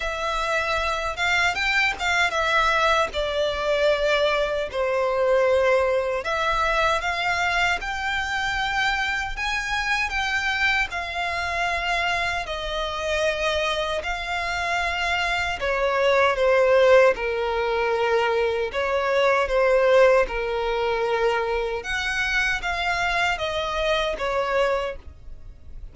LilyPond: \new Staff \with { instrumentName = "violin" } { \time 4/4 \tempo 4 = 77 e''4. f''8 g''8 f''8 e''4 | d''2 c''2 | e''4 f''4 g''2 | gis''4 g''4 f''2 |
dis''2 f''2 | cis''4 c''4 ais'2 | cis''4 c''4 ais'2 | fis''4 f''4 dis''4 cis''4 | }